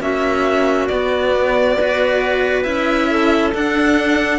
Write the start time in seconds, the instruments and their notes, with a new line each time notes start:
0.00 cello A#3 C#4, clarinet F#4, violin E5
0.87 cello B3, violin D5
1.77 cello F#4, clarinet B4
2.63 cello C#4 E4, violin E5
3.10 clarinet A4
3.54 cello D4, violin F#5